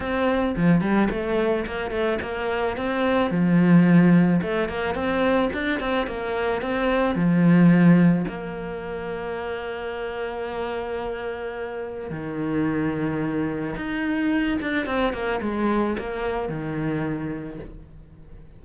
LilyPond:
\new Staff \with { instrumentName = "cello" } { \time 4/4 \tempo 4 = 109 c'4 f8 g8 a4 ais8 a8 | ais4 c'4 f2 | a8 ais8 c'4 d'8 c'8 ais4 | c'4 f2 ais4~ |
ais1~ | ais2 dis2~ | dis4 dis'4. d'8 c'8 ais8 | gis4 ais4 dis2 | }